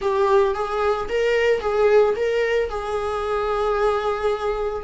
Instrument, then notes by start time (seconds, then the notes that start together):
viola
0.01 G4
0.54 G#4
1.08 A#4
1.60 G#4
2.16 A#4
2.69 G#4